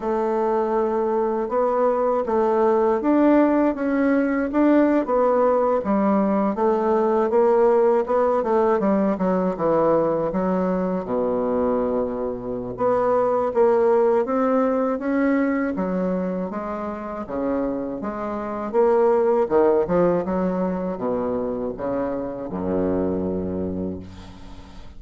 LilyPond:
\new Staff \with { instrumentName = "bassoon" } { \time 4/4 \tempo 4 = 80 a2 b4 a4 | d'4 cis'4 d'8. b4 g16~ | g8. a4 ais4 b8 a8 g16~ | g16 fis8 e4 fis4 b,4~ b,16~ |
b,4 b4 ais4 c'4 | cis'4 fis4 gis4 cis4 | gis4 ais4 dis8 f8 fis4 | b,4 cis4 fis,2 | }